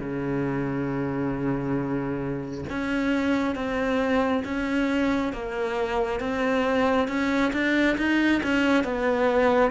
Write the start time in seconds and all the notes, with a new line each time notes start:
0.00 C#3
2.70 C#4
3.56 C4
4.45 C#4
5.33 A#3
6.20 C4
7.09 C#4
7.53 D4
7.98 D#4
8.43 C#4
8.85 B3